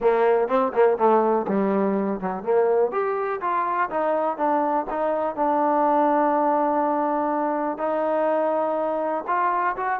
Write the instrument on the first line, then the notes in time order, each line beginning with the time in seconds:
trombone
0.00 A#3
0.47 C4
0.73 A#3
0.97 A3
1.48 G3
2.20 F#3
2.43 A#3
2.91 G4
3.40 F4
3.90 D#4
4.37 D4
4.90 D#4
5.35 D4
7.78 D#4
9.27 F4
9.76 F#4